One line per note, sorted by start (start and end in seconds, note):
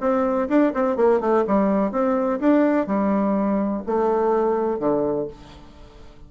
0.00 0.48 C4
0.48 0.72 D4
0.74 0.96 C4
0.96 1.20 A#3
1.20 1.44 A3
1.47 1.92 G3
1.92 2.40 C4
2.40 2.87 D4
2.87 3.83 G3
3.86 4.79 A3
4.79 5.27 D3